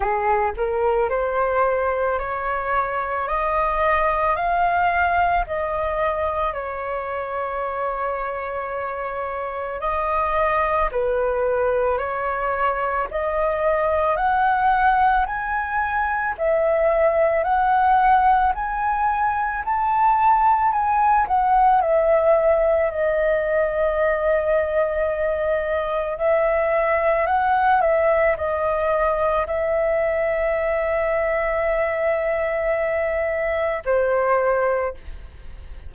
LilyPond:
\new Staff \with { instrumentName = "flute" } { \time 4/4 \tempo 4 = 55 gis'8 ais'8 c''4 cis''4 dis''4 | f''4 dis''4 cis''2~ | cis''4 dis''4 b'4 cis''4 | dis''4 fis''4 gis''4 e''4 |
fis''4 gis''4 a''4 gis''8 fis''8 | e''4 dis''2. | e''4 fis''8 e''8 dis''4 e''4~ | e''2. c''4 | }